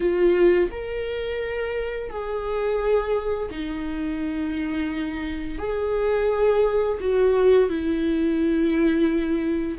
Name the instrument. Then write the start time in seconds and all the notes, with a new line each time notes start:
viola
0.00 F4
0.71 A#4
2.09 G#4
3.50 D#4
5.58 G#4
7.00 F#4
7.69 E4